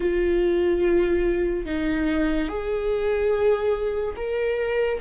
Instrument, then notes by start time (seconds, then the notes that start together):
viola
0.00 F4
1.65 D#4
2.48 G#4
4.16 A#4